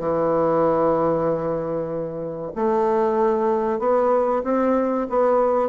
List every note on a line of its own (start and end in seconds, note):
0.00 2.53 E3
2.56 3.80 A3
3.80 4.43 B3
4.44 5.08 C4
5.10 5.69 B3